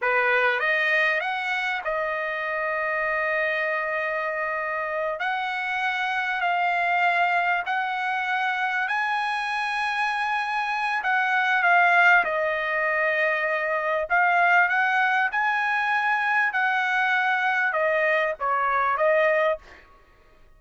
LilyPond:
\new Staff \with { instrumentName = "trumpet" } { \time 4/4 \tempo 4 = 98 b'4 dis''4 fis''4 dis''4~ | dis''1~ | dis''8 fis''2 f''4.~ | f''8 fis''2 gis''4.~ |
gis''2 fis''4 f''4 | dis''2. f''4 | fis''4 gis''2 fis''4~ | fis''4 dis''4 cis''4 dis''4 | }